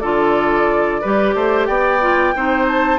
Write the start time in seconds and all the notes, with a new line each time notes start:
0.00 D3 F4 A4 D5
1.02 G3 G4 B4
1.35 A3 C5
1.66 B3 D5 G5
2.01 F4
2.36 C4 D#4 C5
2.68 A5